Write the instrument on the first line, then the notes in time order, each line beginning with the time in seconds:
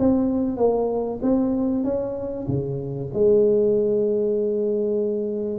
tuba
0.00 C4
0.57 A#3
1.23 C4
1.85 C#4
2.48 C#3
3.14 G#3